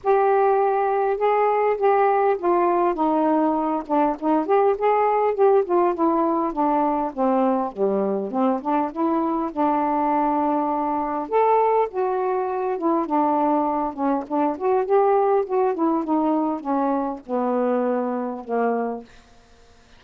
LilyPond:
\new Staff \with { instrumentName = "saxophone" } { \time 4/4 \tempo 4 = 101 g'2 gis'4 g'4 | f'4 dis'4. d'8 dis'8 g'8 | gis'4 g'8 f'8 e'4 d'4 | c'4 g4 c'8 d'8 e'4 |
d'2. a'4 | fis'4. e'8 d'4. cis'8 | d'8 fis'8 g'4 fis'8 e'8 dis'4 | cis'4 b2 ais4 | }